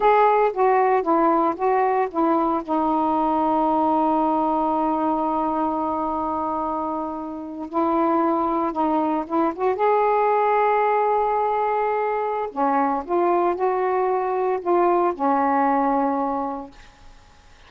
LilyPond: \new Staff \with { instrumentName = "saxophone" } { \time 4/4 \tempo 4 = 115 gis'4 fis'4 e'4 fis'4 | e'4 dis'2.~ | dis'1~ | dis'2~ dis'8. e'4~ e'16~ |
e'8. dis'4 e'8 fis'8 gis'4~ gis'16~ | gis'1 | cis'4 f'4 fis'2 | f'4 cis'2. | }